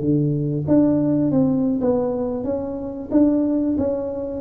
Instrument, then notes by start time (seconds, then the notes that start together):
tuba
0.00 D3
0.67 D4
1.31 C4
1.81 B3
2.44 C#4
3.11 D4
3.78 C#4